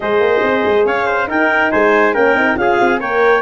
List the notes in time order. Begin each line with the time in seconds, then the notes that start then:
0.00 G#3 G#4 C5 D#5
0.20 A#3
0.43 C4
0.65 G#3
0.85 C#4 C#5 F5
1.06 C5
1.27 D#4 A#4 G5
1.71 G#3 C5 G#5
2.14 A#3 C#4 A#4 G5
2.34 C4 D#4
2.55 C#4 F4 G#4 F5
2.80 C4
3.00 A#3 A#4 C#5 G5